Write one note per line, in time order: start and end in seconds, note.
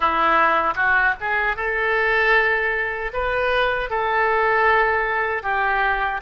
0.00 0.74 E4
0.75 1.14 F#4
1.20 1.56 G#4
1.56 3.12 A4
3.13 3.90 B4
3.90 5.42 A4
5.42 6.20 G4